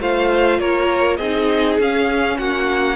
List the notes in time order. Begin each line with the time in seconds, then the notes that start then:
0.00 A3 F4 C5 F5
0.59 A#3 A#4 C#5
1.17 C4 D#4 G#4 D#5
1.79 C#4 F5
2.39 A#3 F#4 F#5